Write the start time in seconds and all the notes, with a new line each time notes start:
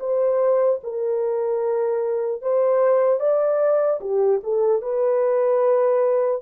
0.00 C5
0.84 A#4
2.42 C5
3.20 D5
4.01 G4
4.44 A4
4.82 B4